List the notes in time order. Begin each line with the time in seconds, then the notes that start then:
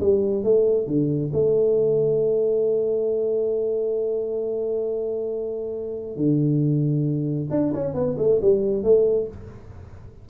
0.00 G3
0.44 A3
0.87 D3
1.33 A3
6.16 D3
7.50 D4
7.74 C#4
7.94 B3
8.18 A3
8.41 G3
8.83 A3